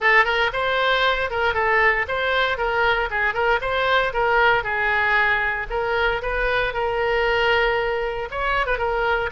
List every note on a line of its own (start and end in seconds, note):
0.00 0.24 A4
0.24 0.50 A#4
0.52 1.30 C5
1.30 1.54 A#4
1.54 2.05 A4
2.08 2.57 C5
2.57 3.09 A#4
3.10 3.34 G#4
3.34 3.59 A#4
3.61 4.12 C5
4.13 4.63 A#4
4.63 5.67 G#4
5.69 6.21 A#4
6.21 6.73 B4
6.73 8.28 A#4
8.30 8.66 C#5
8.66 8.78 B4
8.78 9.29 A#4